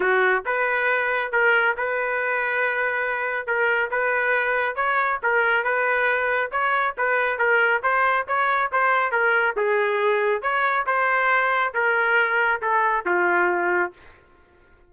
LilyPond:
\new Staff \with { instrumentName = "trumpet" } { \time 4/4 \tempo 4 = 138 fis'4 b'2 ais'4 | b'1 | ais'4 b'2 cis''4 | ais'4 b'2 cis''4 |
b'4 ais'4 c''4 cis''4 | c''4 ais'4 gis'2 | cis''4 c''2 ais'4~ | ais'4 a'4 f'2 | }